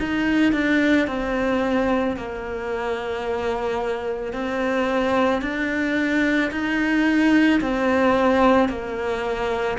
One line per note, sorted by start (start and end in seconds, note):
0.00 0.53 D#4
0.53 1.08 D4
1.08 2.17 C4
2.17 4.33 A#3
4.33 5.42 C4
5.42 6.51 D4
6.52 7.61 D#4
7.61 8.69 C4
8.69 9.78 A#3